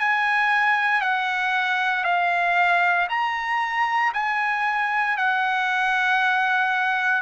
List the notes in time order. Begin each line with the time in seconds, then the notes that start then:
0.00 G#5
1.02 F#5
2.05 F5
3.10 A#5
4.14 G#5
5.18 F#5